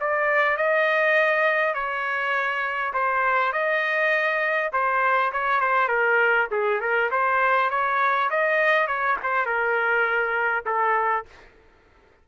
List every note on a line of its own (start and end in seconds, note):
0.00 0.57 D5
0.57 1.74 D#5
1.74 2.93 C#5
2.94 3.52 C5
3.52 4.71 D#5
4.72 5.32 C5
5.32 5.61 C#5
5.61 5.88 C5
5.88 6.48 A#4
6.51 6.80 G#4
6.80 7.10 A#4
7.11 7.70 C5
7.70 8.30 C#5
8.30 8.87 D#5
8.87 9.17 C#5
9.23 9.46 C5
9.46 10.64 A#4
10.66 11.25 A4